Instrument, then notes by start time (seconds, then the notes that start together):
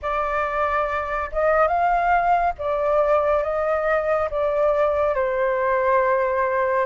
flute
0.02 D5
1.32 D#5
1.67 F5
2.58 D5
3.43 D#5
4.30 D5
5.14 C5